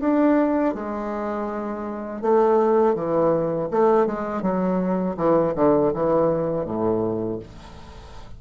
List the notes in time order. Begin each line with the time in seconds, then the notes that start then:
0.00 D4
0.74 G#3
2.22 A3
2.95 E3
3.71 A3
4.06 G#3
4.42 F#3
5.17 E3
5.55 D3
5.94 E3
6.65 A2